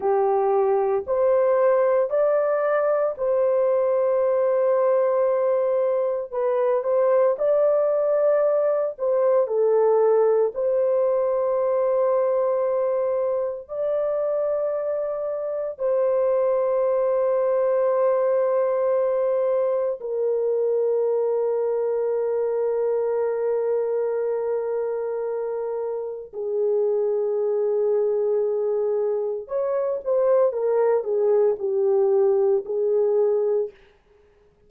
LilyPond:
\new Staff \with { instrumentName = "horn" } { \time 4/4 \tempo 4 = 57 g'4 c''4 d''4 c''4~ | c''2 b'8 c''8 d''4~ | d''8 c''8 a'4 c''2~ | c''4 d''2 c''4~ |
c''2. ais'4~ | ais'1~ | ais'4 gis'2. | cis''8 c''8 ais'8 gis'8 g'4 gis'4 | }